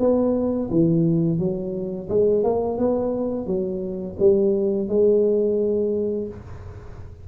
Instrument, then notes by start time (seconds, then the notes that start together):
tuba
0.00 B3
0.71 E3
1.39 F#3
2.10 G#3
2.44 A#3
2.78 B3
3.47 F#3
4.20 G3
4.89 G#3